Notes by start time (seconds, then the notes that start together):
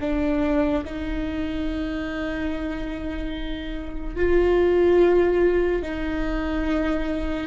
0.00 D4
0.84 D#4
4.16 F4
5.82 D#4